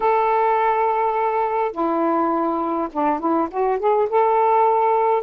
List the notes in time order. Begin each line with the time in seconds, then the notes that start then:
0.00 A4
1.72 E4
2.92 D4
3.19 E4
3.50 F#4
3.79 G#4
4.09 A4